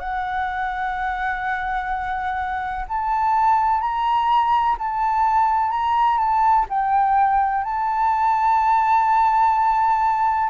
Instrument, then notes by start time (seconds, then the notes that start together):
flute
0.00 F#5
2.88 A5
3.81 A#5
4.78 A5
5.71 A#5
6.18 A5
6.69 G5
7.64 A5